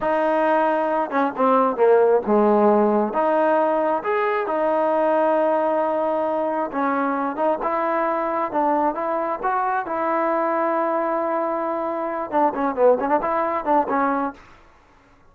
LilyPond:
\new Staff \with { instrumentName = "trombone" } { \time 4/4 \tempo 4 = 134 dis'2~ dis'8 cis'8 c'4 | ais4 gis2 dis'4~ | dis'4 gis'4 dis'2~ | dis'2. cis'4~ |
cis'8 dis'8 e'2 d'4 | e'4 fis'4 e'2~ | e'2.~ e'8 d'8 | cis'8 b8 cis'16 d'16 e'4 d'8 cis'4 | }